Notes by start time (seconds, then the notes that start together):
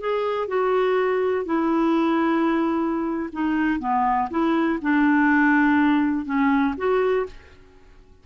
0.00 G#4
0.48 F#4
1.45 E4
3.32 D#4
3.80 B3
4.30 E4
4.82 D4
6.25 C#4
6.77 F#4